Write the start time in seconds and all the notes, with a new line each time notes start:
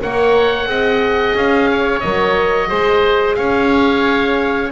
0.00 A#3 A#4 C#5 F#5
0.66 C4 G#4 D#5
1.35 C#4 F5
1.71 C#5
2.00 F#3 A#4 D#5
2.69 G#3 G#4 C5
3.35 C#4 C#5 F5